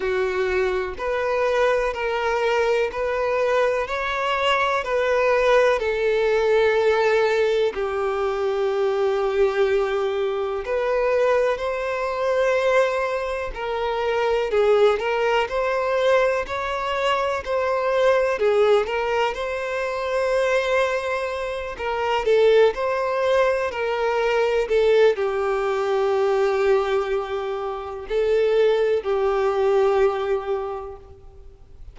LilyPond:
\new Staff \with { instrumentName = "violin" } { \time 4/4 \tempo 4 = 62 fis'4 b'4 ais'4 b'4 | cis''4 b'4 a'2 | g'2. b'4 | c''2 ais'4 gis'8 ais'8 |
c''4 cis''4 c''4 gis'8 ais'8 | c''2~ c''8 ais'8 a'8 c''8~ | c''8 ais'4 a'8 g'2~ | g'4 a'4 g'2 | }